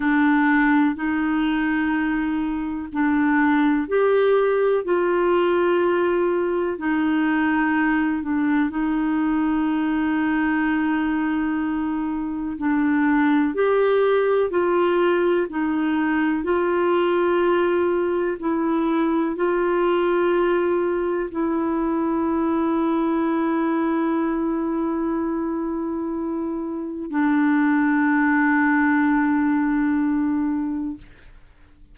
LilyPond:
\new Staff \with { instrumentName = "clarinet" } { \time 4/4 \tempo 4 = 62 d'4 dis'2 d'4 | g'4 f'2 dis'4~ | dis'8 d'8 dis'2.~ | dis'4 d'4 g'4 f'4 |
dis'4 f'2 e'4 | f'2 e'2~ | e'1 | d'1 | }